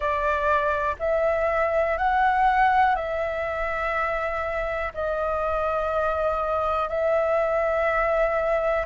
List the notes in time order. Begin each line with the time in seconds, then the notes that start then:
0.00 D5
0.99 E5
1.97 F#5
2.95 E5
4.94 D#5
6.89 E5